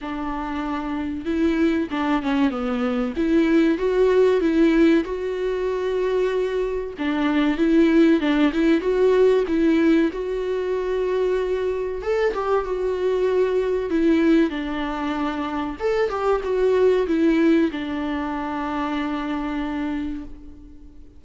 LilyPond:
\new Staff \with { instrumentName = "viola" } { \time 4/4 \tempo 4 = 95 d'2 e'4 d'8 cis'8 | b4 e'4 fis'4 e'4 | fis'2. d'4 | e'4 d'8 e'8 fis'4 e'4 |
fis'2. a'8 g'8 | fis'2 e'4 d'4~ | d'4 a'8 g'8 fis'4 e'4 | d'1 | }